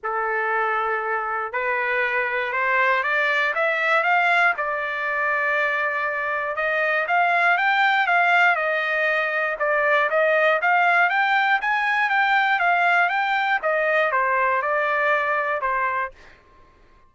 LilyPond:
\new Staff \with { instrumentName = "trumpet" } { \time 4/4 \tempo 4 = 119 a'2. b'4~ | b'4 c''4 d''4 e''4 | f''4 d''2.~ | d''4 dis''4 f''4 g''4 |
f''4 dis''2 d''4 | dis''4 f''4 g''4 gis''4 | g''4 f''4 g''4 dis''4 | c''4 d''2 c''4 | }